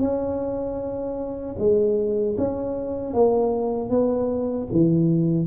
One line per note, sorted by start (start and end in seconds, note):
0.00 1.56 C#4
1.58 2.36 G#3
2.38 3.14 C#4
3.14 3.90 A#3
3.90 4.68 B3
4.72 5.47 E3